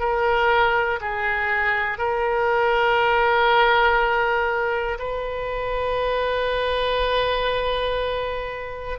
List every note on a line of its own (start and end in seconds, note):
0.00 1.00 A#4
1.01 1.98 G#4
1.98 4.99 A#4
4.99 8.99 B4